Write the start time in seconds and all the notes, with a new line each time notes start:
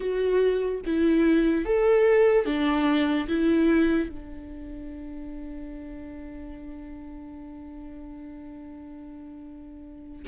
0.00 F#4
0.85 E4
1.65 A4
2.45 D4
3.28 E4
4.09 D4